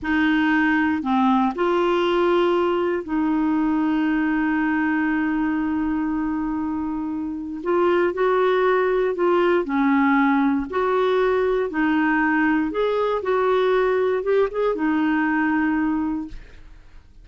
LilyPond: \new Staff \with { instrumentName = "clarinet" } { \time 4/4 \tempo 4 = 118 dis'2 c'4 f'4~ | f'2 dis'2~ | dis'1~ | dis'2. f'4 |
fis'2 f'4 cis'4~ | cis'4 fis'2 dis'4~ | dis'4 gis'4 fis'2 | g'8 gis'8 dis'2. | }